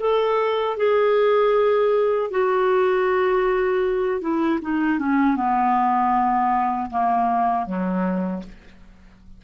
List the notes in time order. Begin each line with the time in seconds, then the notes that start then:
0.00 A4
0.77 G#4
2.31 F#4
4.21 E4
4.62 D#4
4.99 C#4
5.36 B3
6.90 A#3
7.66 F#3